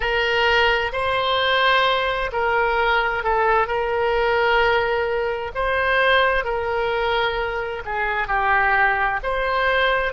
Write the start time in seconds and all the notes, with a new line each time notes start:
0.00 A#4
0.92 C5
2.32 A#4
3.23 A4
3.67 A#4
5.54 C5
6.44 A#4
7.85 G#4
8.27 G4
9.23 C5